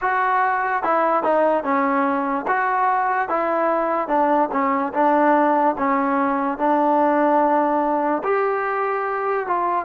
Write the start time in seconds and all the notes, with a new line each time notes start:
0.01 F#4
0.83 E4
1.23 D#4
1.63 C#4
2.47 F#4
3.29 E4
4.08 D4
4.51 C#4
4.93 D4
5.78 C#4
6.58 D4
8.23 G4
9.46 F4